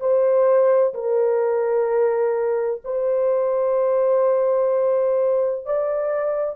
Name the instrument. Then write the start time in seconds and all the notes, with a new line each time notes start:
horn
0.00 C5
0.94 A#4
2.85 C5
5.65 D5